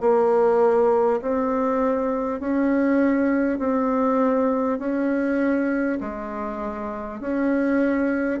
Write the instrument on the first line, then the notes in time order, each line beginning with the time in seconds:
bassoon
0.00 A#3
1.21 C4
2.39 C#4
3.58 C4
4.78 C#4
6.00 G#3
7.20 C#4